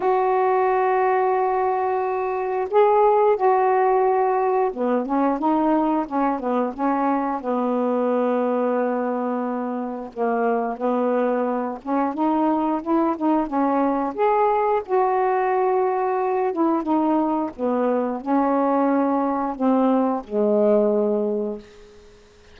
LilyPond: \new Staff \with { instrumentName = "saxophone" } { \time 4/4 \tempo 4 = 89 fis'1 | gis'4 fis'2 b8 cis'8 | dis'4 cis'8 b8 cis'4 b4~ | b2. ais4 |
b4. cis'8 dis'4 e'8 dis'8 | cis'4 gis'4 fis'2~ | fis'8 e'8 dis'4 b4 cis'4~ | cis'4 c'4 gis2 | }